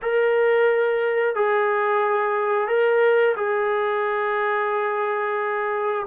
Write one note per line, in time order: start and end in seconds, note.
0.02 1.35 A#4
1.35 2.68 G#4
2.68 3.35 A#4
3.36 6.06 G#4